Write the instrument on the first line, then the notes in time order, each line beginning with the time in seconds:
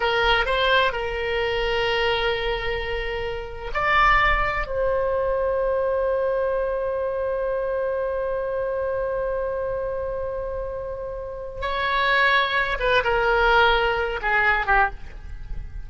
oboe
0.00 A#4
0.45 C5
0.92 A#4
3.74 D5
4.66 C5
11.61 C#5
12.79 B4
13.04 A#4
14.21 G#4
14.66 G4